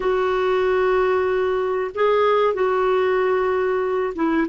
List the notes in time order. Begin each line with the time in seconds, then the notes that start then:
0.00 F#4
1.94 G#4
2.54 F#4
4.15 E4